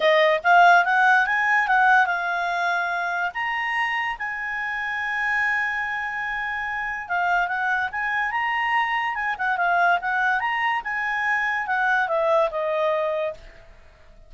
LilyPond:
\new Staff \with { instrumentName = "clarinet" } { \time 4/4 \tempo 4 = 144 dis''4 f''4 fis''4 gis''4 | fis''4 f''2. | ais''2 gis''2~ | gis''1~ |
gis''4 f''4 fis''4 gis''4 | ais''2 gis''8 fis''8 f''4 | fis''4 ais''4 gis''2 | fis''4 e''4 dis''2 | }